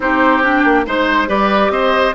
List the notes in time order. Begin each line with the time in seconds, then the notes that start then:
0.00 C4 D#4 G4 C5
0.41 D4 G5
0.64 A#3
0.86 G#3 D#4 C5
1.27 G3 G4 B4 D5
1.69 C4 C5 D#5